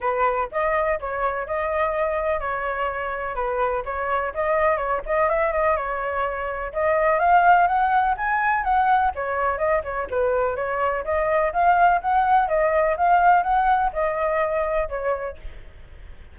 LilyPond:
\new Staff \with { instrumentName = "flute" } { \time 4/4 \tempo 4 = 125 b'4 dis''4 cis''4 dis''4~ | dis''4 cis''2 b'4 | cis''4 dis''4 cis''8 dis''8 e''8 dis''8 | cis''2 dis''4 f''4 |
fis''4 gis''4 fis''4 cis''4 | dis''8 cis''8 b'4 cis''4 dis''4 | f''4 fis''4 dis''4 f''4 | fis''4 dis''2 cis''4 | }